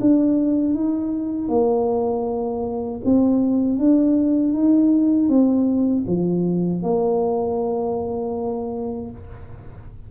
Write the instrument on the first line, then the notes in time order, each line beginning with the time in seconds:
tuba
0.00 D4
0.74 D#4
1.48 A#3
3.04 C4
3.78 D4
4.53 D#4
5.29 C4
6.07 F3
6.82 A#3